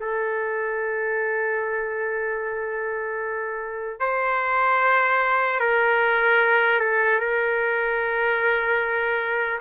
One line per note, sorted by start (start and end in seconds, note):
0.00 4.00 A4
4.00 5.60 C5
5.60 6.80 A#4
6.80 7.20 A4
7.20 9.60 A#4